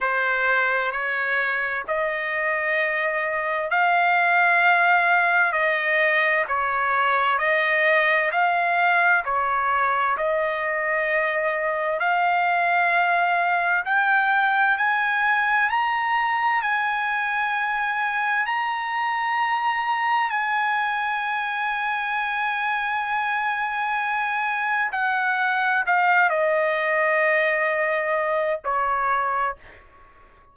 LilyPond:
\new Staff \with { instrumentName = "trumpet" } { \time 4/4 \tempo 4 = 65 c''4 cis''4 dis''2 | f''2 dis''4 cis''4 | dis''4 f''4 cis''4 dis''4~ | dis''4 f''2 g''4 |
gis''4 ais''4 gis''2 | ais''2 gis''2~ | gis''2. fis''4 | f''8 dis''2~ dis''8 cis''4 | }